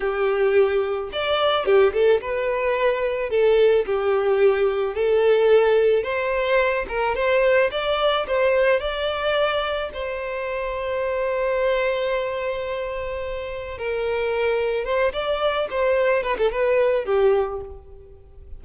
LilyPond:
\new Staff \with { instrumentName = "violin" } { \time 4/4 \tempo 4 = 109 g'2 d''4 g'8 a'8 | b'2 a'4 g'4~ | g'4 a'2 c''4~ | c''8 ais'8 c''4 d''4 c''4 |
d''2 c''2~ | c''1~ | c''4 ais'2 c''8 d''8~ | d''8 c''4 b'16 a'16 b'4 g'4 | }